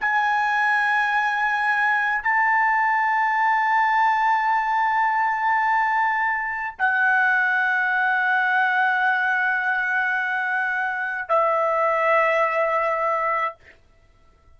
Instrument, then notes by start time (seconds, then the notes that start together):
trumpet
0.00 G#5
2.22 A5
6.78 F#5
11.28 E5